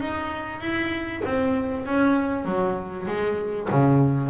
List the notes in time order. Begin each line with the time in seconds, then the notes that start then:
0.00 D#4
0.61 E4
1.25 C4
1.86 C#4
2.45 F#3
3.08 G#3
3.70 C#3